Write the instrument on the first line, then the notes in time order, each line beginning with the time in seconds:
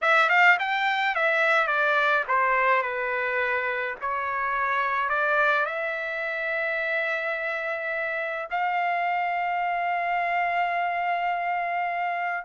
trumpet
0.01 E5
0.29 F5
0.59 G5
1.15 E5
1.67 D5
2.28 C5
2.82 B4
4.01 C#5
5.09 D5
5.65 E5
8.50 F5